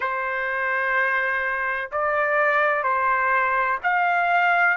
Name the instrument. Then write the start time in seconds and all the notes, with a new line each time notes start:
trumpet
0.00 C5
1.91 D5
2.83 C5
3.83 F5